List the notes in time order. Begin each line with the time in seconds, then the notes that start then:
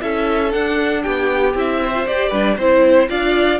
0.00 C#4 E4 A4 E5
0.50 D4 F#5
1.02 B3 G4 G5
1.54 C4 E4 E5
1.83 C5
1.93 F4
2.07 G4 D5
2.29 G3 D4 B4
2.57 C4 E4 C5
3.09 D4 F4 D5 F5